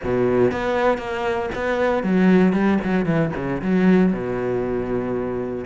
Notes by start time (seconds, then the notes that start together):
0.03 B2
0.51 B3
0.98 A#3
1.55 B3
2.03 F#3
2.53 G3
2.83 F#3
3.05 E3
3.35 C#3
3.62 F#3
4.13 B2